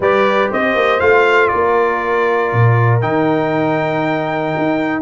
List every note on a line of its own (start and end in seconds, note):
0.00 0.48 G3
0.00 1.00 G4
0.00 0.50 B4
0.00 0.52 D5
0.50 0.75 C4
0.50 1.51 C5
0.50 0.99 D#5
0.75 1.00 A#3
0.99 1.51 A3
0.99 3.01 F4
0.99 1.48 F5
1.48 2.52 A#3
1.48 5.02 A#4
1.48 2.99 D5
2.52 3.02 A#2
3.01 4.54 D#3
3.01 5.02 D#4
3.01 5.02 G5
4.57 5.02 D#4